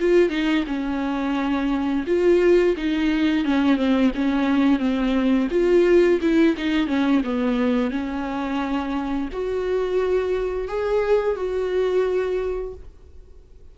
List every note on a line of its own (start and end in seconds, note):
0.00 0.30 F4
0.30 0.65 D#4
0.67 2.05 C#4
2.07 2.76 F4
2.77 3.45 D#4
3.45 3.77 C#4
3.77 4.12 C4
4.15 4.79 C#4
4.79 5.48 C4
5.51 6.20 F4
6.21 6.56 E4
6.57 6.87 D#4
6.87 7.22 C#4
7.24 7.91 B3
7.91 9.29 C#4
9.33 10.68 F#4
10.68 11.36 G#4
11.36 12.74 F#4